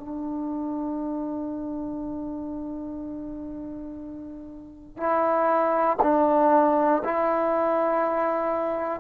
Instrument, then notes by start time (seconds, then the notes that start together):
trombone
0.00 D4
4.97 E4
6.03 D4
7.05 E4